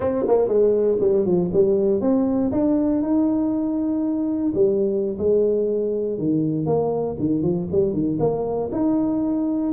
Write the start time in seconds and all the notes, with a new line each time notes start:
0.00 C4
0.27 A#3
0.48 G#3
1.00 G3
1.25 F3
1.53 G3
2.00 C4
2.51 D4
3.02 D#4
4.54 G3
5.18 G#3
6.18 D#3
6.66 A#3
7.19 D#3
7.42 F3
7.71 G3
7.93 D#3
8.19 A#3
8.72 D#4